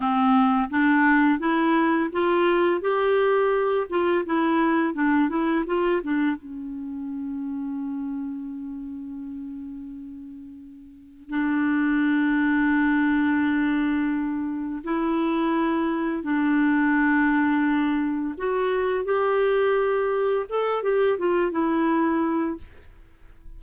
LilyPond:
\new Staff \with { instrumentName = "clarinet" } { \time 4/4 \tempo 4 = 85 c'4 d'4 e'4 f'4 | g'4. f'8 e'4 d'8 e'8 | f'8 d'8 cis'2.~ | cis'1 |
d'1~ | d'4 e'2 d'4~ | d'2 fis'4 g'4~ | g'4 a'8 g'8 f'8 e'4. | }